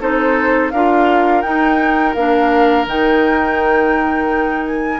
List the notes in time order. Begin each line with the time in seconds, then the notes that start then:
0.00 C4 D#4 A4 C5
0.70 D4 F4 A#4 F5
1.42 D#4 G5
2.14 A#3 D4 F5
2.86 D#3 D#4 G5
4.66 G#5